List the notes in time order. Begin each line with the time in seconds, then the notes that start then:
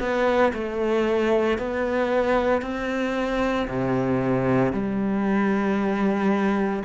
0.00 B3
0.54 A3
1.58 B3
2.62 C4
3.68 C3
4.73 G3